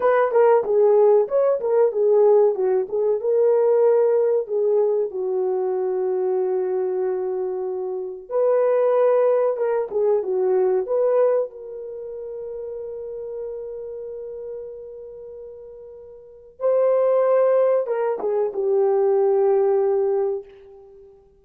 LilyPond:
\new Staff \with { instrumentName = "horn" } { \time 4/4 \tempo 4 = 94 b'8 ais'8 gis'4 cis''8 ais'8 gis'4 | fis'8 gis'8 ais'2 gis'4 | fis'1~ | fis'4 b'2 ais'8 gis'8 |
fis'4 b'4 ais'2~ | ais'1~ | ais'2 c''2 | ais'8 gis'8 g'2. | }